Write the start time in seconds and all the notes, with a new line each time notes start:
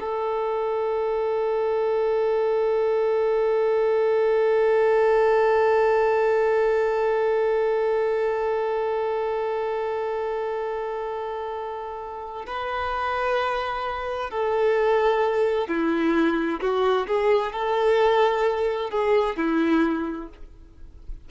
0.00 A4
12.47 B4
14.30 A4
15.68 E4
16.61 F#4
17.07 G#4
17.53 A4
18.91 G#4
19.37 E4